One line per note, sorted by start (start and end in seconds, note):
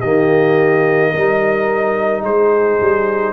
0.00 1.14 D#3
0.00 1.14 A#3
0.00 1.10 G4
0.00 2.22 D#5
1.10 2.23 G3
1.10 3.33 D#4
1.10 2.21 A#4
2.22 2.79 G#3
2.22 3.33 G#4
2.22 3.33 C5
2.80 3.33 G3